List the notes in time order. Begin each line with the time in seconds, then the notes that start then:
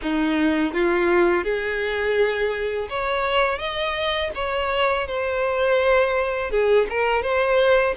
0.02 D#4
0.73 F4
1.44 G#4
2.89 C#5
3.58 D#5
4.34 C#5
5.07 C5
6.51 G#4
6.89 A#4
7.22 C5